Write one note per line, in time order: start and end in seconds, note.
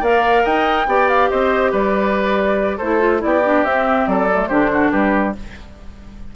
0.00 0.43 A#3
0.00 0.88 A#4
0.00 0.43 D5
0.00 0.45 F5
0.44 0.87 D#4
0.44 0.87 D#5
0.44 1.09 G5
0.87 1.29 B3
0.87 2.79 G4
0.87 1.30 D5
1.09 1.29 F5
1.29 1.72 C4
1.29 1.71 C5
1.29 1.72 D#5
1.71 2.79 G3
1.71 2.77 B4
1.71 2.78 D5
2.77 3.23 A3
2.77 2.99 E4
2.77 3.20 A4
2.77 3.21 C5
2.99 3.19 F4
3.19 3.64 B3
3.19 3.40 E4
3.19 3.65 D5
3.25 4.09 G4
3.45 3.65 D4
3.64 4.06 C4
3.64 4.29 C4
3.64 4.07 E5
4.07 4.49 F#3
4.07 4.48 A4
4.07 4.47 D5
4.31 4.50 A3
4.47 4.92 D3
4.47 5.35 D4
4.47 4.70 G4
4.47 4.90 C5
4.73 4.91 F#4
4.90 5.35 G3
4.90 5.34 G4
4.90 5.33 B4